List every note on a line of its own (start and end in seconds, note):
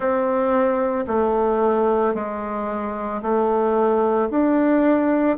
0.00 1.05 C4
1.07 2.14 A3
2.14 3.21 G#3
3.21 4.29 A3
4.30 5.37 D4